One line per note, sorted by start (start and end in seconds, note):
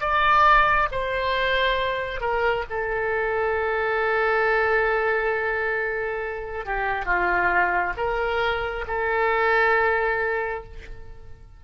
0.00 0.88 D5
0.91 2.20 C5
2.20 2.65 A#4
2.70 6.65 A4
6.65 7.05 G4
7.05 7.93 F4
7.97 8.85 A#4
8.87 10.64 A4